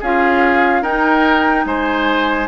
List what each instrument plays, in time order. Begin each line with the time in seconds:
0.00 bassoon C#4, clarinet F4, oboe G#4, flute F5
0.82 bassoon D#4, clarinet D#4, oboe A#4, flute G5
1.65 bassoon G#3, oboe C5, flute G#5